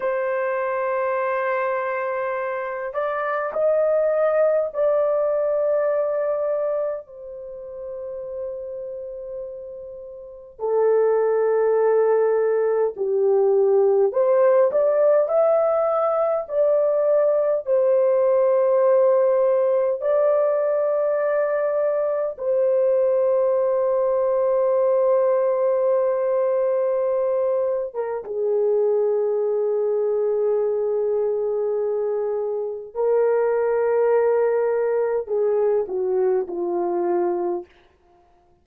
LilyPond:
\new Staff \with { instrumentName = "horn" } { \time 4/4 \tempo 4 = 51 c''2~ c''8 d''8 dis''4 | d''2 c''2~ | c''4 a'2 g'4 | c''8 d''8 e''4 d''4 c''4~ |
c''4 d''2 c''4~ | c''2.~ c''8. ais'16 | gis'1 | ais'2 gis'8 fis'8 f'4 | }